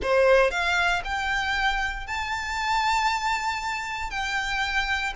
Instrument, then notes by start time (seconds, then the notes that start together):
violin
0.02 C5
0.51 F5
1.04 G5
2.07 A5
4.10 G5